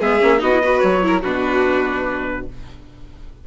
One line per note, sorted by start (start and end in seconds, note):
0.00 0.21 G#3
0.00 0.19 B3
0.00 0.41 G#4
0.00 0.41 E5
0.19 0.41 A#3
0.19 0.38 C#4
0.38 0.82 B3
0.38 0.48 D#4
0.38 0.62 F#4
0.38 0.79 D#5
0.52 0.62 E4
0.62 1.02 F#4
0.62 1.04 B4
0.79 1.23 F#3
0.79 1.20 C#5
1.02 1.22 E4
1.02 1.21 A#4
1.21 2.47 B2
1.21 2.46 D4
1.21 2.44 F#4
1.21 2.47 B4